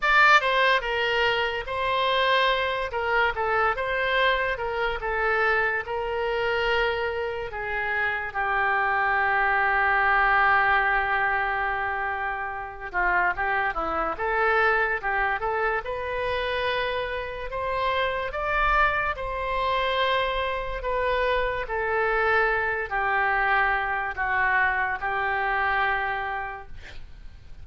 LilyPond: \new Staff \with { instrumentName = "oboe" } { \time 4/4 \tempo 4 = 72 d''8 c''8 ais'4 c''4. ais'8 | a'8 c''4 ais'8 a'4 ais'4~ | ais'4 gis'4 g'2~ | g'2.~ g'8 f'8 |
g'8 e'8 a'4 g'8 a'8 b'4~ | b'4 c''4 d''4 c''4~ | c''4 b'4 a'4. g'8~ | g'4 fis'4 g'2 | }